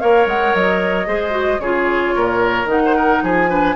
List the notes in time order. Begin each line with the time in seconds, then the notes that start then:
0.00 A#3 A#4 C#5 F5
0.26 G#3 F#5
0.55 F#3 D#5
1.07 G#3 G#4 C5
1.31 F#4
1.59 C#3 F4 G#4 C#5
2.16 A#2 A#4
2.66 D#3 D#4 F#5
2.85 C5
2.96 A#4
3.23 F3 G#4 G#5
3.49 D4 B4